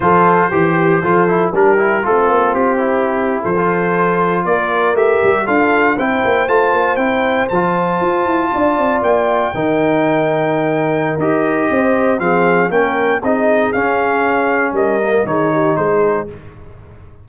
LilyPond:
<<
  \new Staff \with { instrumentName = "trumpet" } { \time 4/4 \tempo 4 = 118 c''2. ais'4 | a'4 g'4.~ g'16 c''4~ c''16~ | c''8. d''4 e''4 f''4 g''16~ | g''8. a''4 g''4 a''4~ a''16~ |
a''4.~ a''16 g''2~ g''16~ | g''2 dis''2 | f''4 g''4 dis''4 f''4~ | f''4 dis''4 cis''4 c''4 | }
  \new Staff \with { instrumentName = "horn" } { \time 4/4 a'4 g'4 a'4 g'4 | c'2~ c'8. a'4~ a'16~ | a'8. ais'2 a'4 c''16~ | c''1~ |
c''8. d''2 ais'4~ ais'16~ | ais'2. c''4 | gis'4 ais'4 gis'2~ | gis'4 ais'4 gis'8 g'8 gis'4 | }
  \new Staff \with { instrumentName = "trombone" } { \time 4/4 f'4 g'4 f'8 e'8 d'8 e'8 | f'4. e'4. f'4~ | f'4.~ f'16 g'4 f'4 e'16~ | e'8. f'4 e'4 f'4~ f'16~ |
f'2~ f'8. dis'4~ dis'16~ | dis'2 g'2 | c'4 cis'4 dis'4 cis'4~ | cis'4. ais8 dis'2 | }
  \new Staff \with { instrumentName = "tuba" } { \time 4/4 f4 e4 f4 g4 | a8 ais8 c'4.~ c'16 f4~ f16~ | f8. ais4 a8 g8 d'4 c'16~ | c'16 ais8 a8 ais8 c'4 f4 f'16~ |
f'16 e'8 d'8 c'8 ais4 dis4~ dis16~ | dis2 dis'4 c'4 | f4 ais4 c'4 cis'4~ | cis'4 g4 dis4 gis4 | }
>>